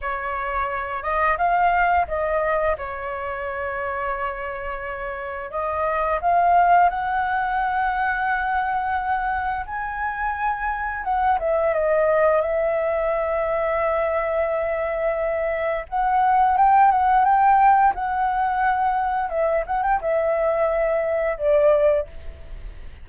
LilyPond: \new Staff \with { instrumentName = "flute" } { \time 4/4 \tempo 4 = 87 cis''4. dis''8 f''4 dis''4 | cis''1 | dis''4 f''4 fis''2~ | fis''2 gis''2 |
fis''8 e''8 dis''4 e''2~ | e''2. fis''4 | g''8 fis''8 g''4 fis''2 | e''8 fis''16 g''16 e''2 d''4 | }